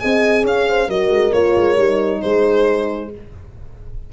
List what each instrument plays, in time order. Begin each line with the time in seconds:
0.00 tuba C4, horn G#4 D#5, violin G#5
0.44 tuba C#4, horn C#5, violin F5
0.68 horn C5
0.88 tuba F#3, horn F#4 A#4, violin D#5
1.09 tuba G#3
1.33 tuba A#3, horn F4, violin C#5
1.56 tuba G#3
1.77 tuba G3, horn D#4
2.22 tuba G#3, horn G#4, violin C5